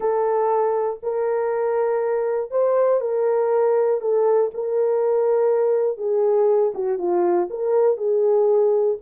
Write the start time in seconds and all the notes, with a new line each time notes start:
0.00 A4
1.02 A#4
2.50 C5
3.00 A#4
4.00 A4
4.54 A#4
5.97 G#4
6.74 F#4
6.98 F4
7.50 A#4
7.97 G#4